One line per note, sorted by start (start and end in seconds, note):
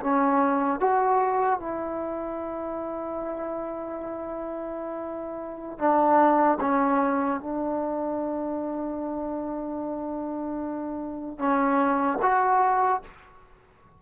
0.00 0.80 C#4
0.80 1.59 F#4
1.59 5.78 E4
5.78 6.58 D4
6.60 7.40 C#4
7.40 11.38 D4
11.38 12.18 C#4
12.21 13.01 F#4